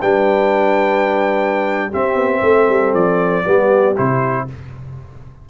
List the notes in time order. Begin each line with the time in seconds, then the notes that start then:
0.00 G3 D4 B4 G5
1.89 C4 G4 E5
2.15 B3
2.42 A3 A4
2.68 G3
2.93 F3 D5
3.44 G3 B3 G4
3.96 C3 E4 C5